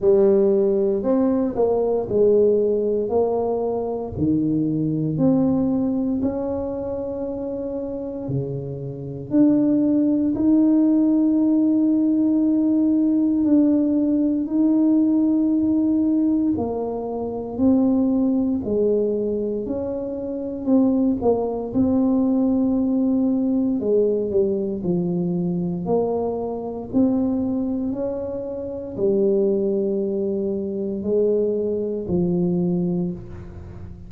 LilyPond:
\new Staff \with { instrumentName = "tuba" } { \time 4/4 \tempo 4 = 58 g4 c'8 ais8 gis4 ais4 | dis4 c'4 cis'2 | cis4 d'4 dis'2~ | dis'4 d'4 dis'2 |
ais4 c'4 gis4 cis'4 | c'8 ais8 c'2 gis8 g8 | f4 ais4 c'4 cis'4 | g2 gis4 f4 | }